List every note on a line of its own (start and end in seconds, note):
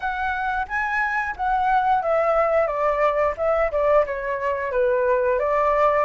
0.00 0.66 F#5
0.67 1.35 G#5
1.36 2.02 F#5
2.02 2.67 E5
2.67 3.34 D5
3.37 3.71 E5
3.71 4.05 D5
4.05 4.71 C#5
4.71 5.39 B4
5.39 6.05 D5